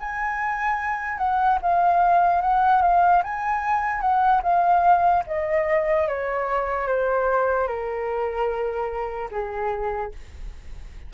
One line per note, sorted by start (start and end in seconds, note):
0.00 1.18 G#5
1.18 1.59 F#5
1.62 2.42 F5
2.42 2.82 F#5
2.82 3.23 F5
3.24 4.01 G#5
4.01 4.42 F#5
4.43 5.24 F5
5.27 6.08 D#5
6.08 6.88 C#5
6.88 7.68 C5
7.68 9.30 A#4
9.31 10.12 G#4